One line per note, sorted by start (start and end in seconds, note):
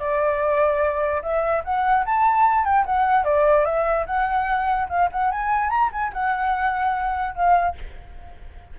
0.00 1.22 D5
1.23 1.64 E5
1.65 2.05 F#5
2.06 2.65 A5
2.65 2.85 G5
2.86 3.25 F#5
3.25 3.65 D5
3.65 4.06 E5
4.07 4.88 F#5
4.89 5.10 F5
5.12 5.32 F#5
5.32 5.71 G#5
5.71 5.91 A#5
5.93 6.13 G#5
6.14 7.35 F#5
7.35 7.76 F5